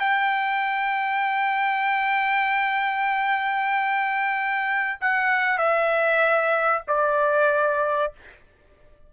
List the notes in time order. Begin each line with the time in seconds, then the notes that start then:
0.00 G5
5.01 F#5
5.58 E5
6.88 D5